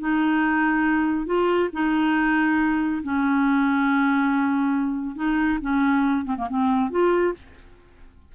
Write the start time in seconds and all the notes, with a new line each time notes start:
0.00 D#4
1.26 F4
1.73 D#4
3.03 C#4
5.16 D#4
5.61 C#4
6.25 C4
6.38 A#3
6.50 C4
6.91 F4